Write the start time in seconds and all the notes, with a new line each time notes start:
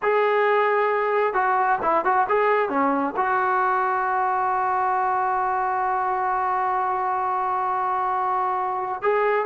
0.02 G#4
1.33 F#4
1.82 E4
2.04 F#4
2.28 G#4
2.69 C#4
3.16 F#4
9.02 G#4